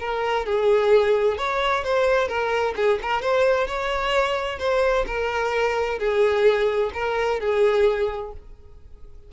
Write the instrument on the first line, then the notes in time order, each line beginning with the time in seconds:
violin
0.00 A#4
0.46 G#4
1.38 C#5
1.84 C5
2.28 A#4
2.77 G#4
3.02 A#4
3.22 C5
3.68 C#5
4.59 C5
5.07 A#4
5.99 G#4
6.94 A#4
7.40 G#4